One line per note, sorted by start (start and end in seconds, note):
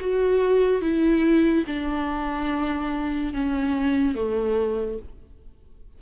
0.00 0.81 F#4
0.81 1.64 E4
1.67 3.33 D4
3.33 4.15 C#4
4.15 4.98 A3